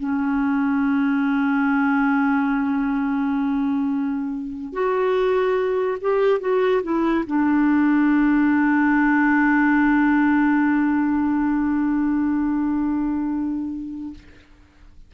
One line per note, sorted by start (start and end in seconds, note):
0.00 4.73 C#4
4.73 5.98 F#4
6.01 6.40 G4
6.40 6.82 F#4
6.83 7.25 E4
7.27 14.14 D4